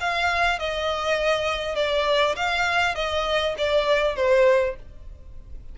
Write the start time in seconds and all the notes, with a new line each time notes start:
0.00 F5
0.59 D#5
1.75 D5
2.36 F5
2.95 D#5
3.58 D5
4.16 C5